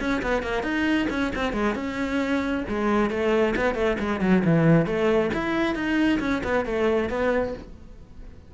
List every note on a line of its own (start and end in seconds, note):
0.00 0.22 C#4
0.23 0.43 B3
0.43 0.63 A#3
0.63 1.08 D#4
1.10 1.33 C#4
1.36 1.54 C4
1.54 1.75 G#3
1.75 2.64 C#4
2.69 3.11 G#3
3.11 3.55 A3
3.56 3.75 B3
3.75 3.97 A3
3.99 4.21 G#3
4.21 4.43 F#3
4.45 4.86 E3
4.86 5.31 A3
5.34 5.75 E4
5.75 6.20 D#4
6.20 6.42 C#4
6.44 6.66 B3
6.66 7.10 A3
7.10 7.54 B3